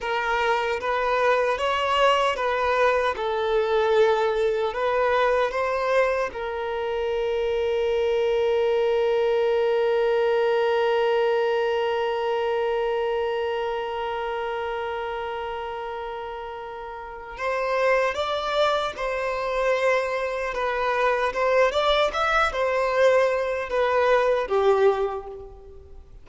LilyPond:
\new Staff \with { instrumentName = "violin" } { \time 4/4 \tempo 4 = 76 ais'4 b'4 cis''4 b'4 | a'2 b'4 c''4 | ais'1~ | ais'1~ |
ais'1~ | ais'2 c''4 d''4 | c''2 b'4 c''8 d''8 | e''8 c''4. b'4 g'4 | }